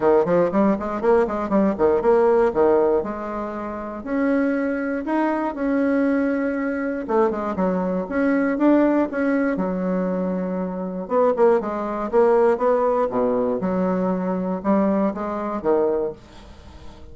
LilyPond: \new Staff \with { instrumentName = "bassoon" } { \time 4/4 \tempo 4 = 119 dis8 f8 g8 gis8 ais8 gis8 g8 dis8 | ais4 dis4 gis2 | cis'2 dis'4 cis'4~ | cis'2 a8 gis8 fis4 |
cis'4 d'4 cis'4 fis4~ | fis2 b8 ais8 gis4 | ais4 b4 b,4 fis4~ | fis4 g4 gis4 dis4 | }